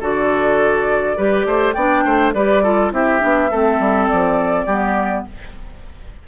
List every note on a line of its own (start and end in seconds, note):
0.00 1.17 D3
0.00 1.16 F#4
0.00 1.17 A4
0.00 1.72 D5
1.16 1.45 G3
1.16 1.74 G4
1.16 1.46 B4
1.45 1.74 A3
1.45 1.74 C5
1.72 2.04 B3
1.72 2.35 D4
1.72 2.03 D5
1.72 2.31 G5
2.04 2.33 A3
2.04 2.33 C5
2.33 2.91 G3
2.33 2.63 G4
2.33 2.63 B4
2.33 2.91 D5
2.63 2.91 F4
2.63 2.92 A4
2.91 3.20 C4
2.91 3.19 E4
2.91 3.50 G4
2.91 4.07 E5
3.19 3.51 B3
3.19 3.48 D4
3.50 3.79 A3
3.50 4.69 C4
3.50 4.65 A4
3.79 4.08 G3
4.07 4.66 F3
4.07 5.24 D5
4.65 5.24 G3
4.65 5.27 B3
4.65 5.24 G4